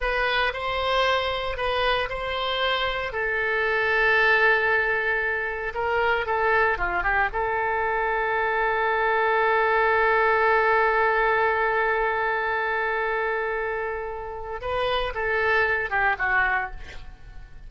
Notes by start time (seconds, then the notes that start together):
0.00 B4
0.53 C5
1.57 B4
2.09 C5
3.12 A4
5.74 A#4
6.26 A4
6.78 F4
7.03 G4
7.32 A4
14.61 B4
15.14 A4
15.90 G4
16.18 F#4